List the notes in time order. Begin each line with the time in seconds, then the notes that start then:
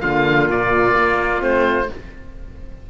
0.00 D3 A#3 F4 F5
0.49 A#2 D5
0.95 A#3
1.39 A3 C4 C5